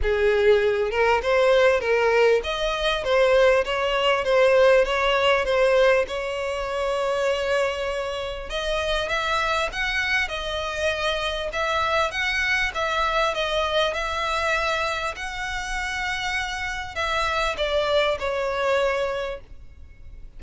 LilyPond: \new Staff \with { instrumentName = "violin" } { \time 4/4 \tempo 4 = 99 gis'4. ais'8 c''4 ais'4 | dis''4 c''4 cis''4 c''4 | cis''4 c''4 cis''2~ | cis''2 dis''4 e''4 |
fis''4 dis''2 e''4 | fis''4 e''4 dis''4 e''4~ | e''4 fis''2. | e''4 d''4 cis''2 | }